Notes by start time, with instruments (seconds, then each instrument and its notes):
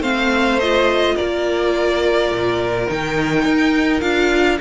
0.00 cello A3, viola C4, violin C5 F5
0.60 viola F4, violin D#5
1.16 cello A#3, violin A#4 D5
2.31 cello A#2
2.87 cello D#3, viola D#4, violin G5
3.45 cello D#4
4.01 cello D4, viola F4, violin F5